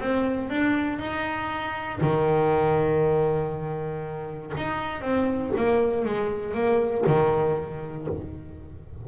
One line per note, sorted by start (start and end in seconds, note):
0.00 0.50 C4
0.50 0.99 D4
0.99 2.00 D#4
2.01 4.53 D#3
4.57 5.02 D#4
5.02 5.52 C4
5.57 6.05 A#3
6.05 6.54 G#3
6.54 7.05 A#3
7.07 8.07 D#3